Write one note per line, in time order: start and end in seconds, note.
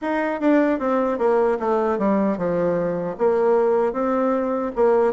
0.01 0.40 D#4
0.40 0.79 D4
0.79 1.18 C4
1.18 1.58 A#3
1.59 1.98 A3
1.98 2.37 G3
2.37 3.16 F3
3.18 3.93 A#3
3.93 4.72 C4
4.75 5.13 A#3